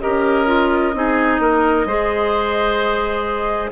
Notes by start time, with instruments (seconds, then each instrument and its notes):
0.00 bassoon C#4, clarinet G4, oboe A#4, flute D#5
0.46 clarinet F4
0.94 bassoon C4, clarinet D#4, oboe G#4
1.39 bassoon A#3, oboe A#4
1.85 bassoon G#3, clarinet G#4, oboe C5